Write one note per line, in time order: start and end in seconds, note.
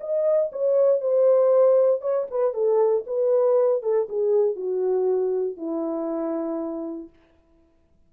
0.00 0.51 D#5
0.52 1.01 C#5
1.01 2.01 C5
2.01 2.27 C#5
2.30 2.53 B4
2.53 3.04 A4
3.06 3.82 B4
3.82 4.07 A4
4.08 4.56 G#4
4.56 5.57 F#4
5.57 7.09 E4